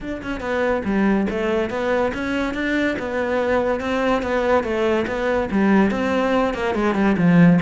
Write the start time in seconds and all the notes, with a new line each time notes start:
0.00 D4
0.22 C#4
0.40 B3
0.84 G3
1.30 A3
1.69 B3
2.14 C#4
2.54 D4
2.98 B3
3.80 C4
4.22 B3
4.63 A3
5.07 B3
5.51 G3
5.90 C4
6.54 A#3
6.75 G#3
6.94 G3
7.17 F3